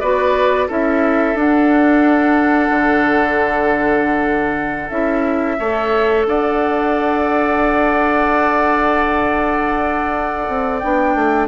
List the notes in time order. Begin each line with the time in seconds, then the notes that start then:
0.00 B3 F#4 B4 D5
0.68 C#4 E4 A4 E5
1.34 D4 F#5
2.70 D3
4.89 C#4 E4 E5
5.59 A3 A4 C#5
6.26 D4 D5 F#5
10.48 C4
10.79 B3 D4 G5
11.15 A3